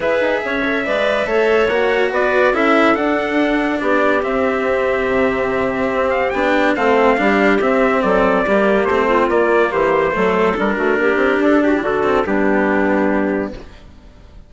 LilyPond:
<<
  \new Staff \with { instrumentName = "trumpet" } { \time 4/4 \tempo 4 = 142 e''1 | fis''4 d''4 e''4 fis''4~ | fis''4 d''4 e''2~ | e''2~ e''8 f''8 g''4 |
f''2 e''4 d''4~ | d''4 c''4 d''4 c''4~ | c''4 ais'2 a'8 g'8 | a'4 g'2. | }
  \new Staff \with { instrumentName = "clarinet" } { \time 4/4 b'4 cis''4 d''4 cis''4~ | cis''4 b'4 a'2~ | a'4 g'2.~ | g'1 |
a'4 g'2 a'4 | g'4. f'4. g'4 | a'4. fis'8 g'4. fis'16 e'16 | fis'4 d'2. | }
  \new Staff \with { instrumentName = "cello" } { \time 4/4 gis'4. a'8 b'4 a'4 | fis'2 e'4 d'4~ | d'2 c'2~ | c'2. d'4 |
c'4 d'4 c'2 | ais4 c'4 ais2 | a4 d'2.~ | d'8 c'8 b2. | }
  \new Staff \with { instrumentName = "bassoon" } { \time 4/4 e'8 dis'8 cis'4 gis4 a4 | ais4 b4 cis'4 d'4~ | d'4 b4 c'2 | c2 c'4 b4 |
a4 g4 c'4 fis4 | g4 a4 ais4 e4 | fis4 g8 a8 ais8 c'8 d'4 | d4 g2. | }
>>